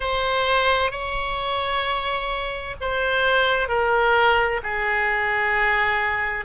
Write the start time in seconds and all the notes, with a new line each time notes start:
0.00 C5
0.91 C#5
2.81 C5
3.68 A#4
4.63 G#4